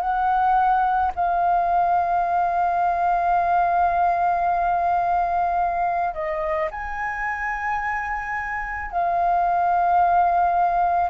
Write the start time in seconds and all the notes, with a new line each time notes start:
0.00 F#5
1.15 F5
6.14 D#5
6.71 G#5
8.90 F5